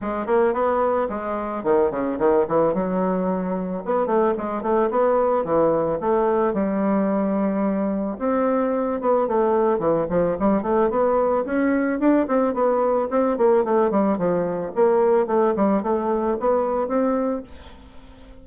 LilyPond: \new Staff \with { instrumentName = "bassoon" } { \time 4/4 \tempo 4 = 110 gis8 ais8 b4 gis4 dis8 cis8 | dis8 e8 fis2 b8 a8 | gis8 a8 b4 e4 a4 | g2. c'4~ |
c'8 b8 a4 e8 f8 g8 a8 | b4 cis'4 d'8 c'8 b4 | c'8 ais8 a8 g8 f4 ais4 | a8 g8 a4 b4 c'4 | }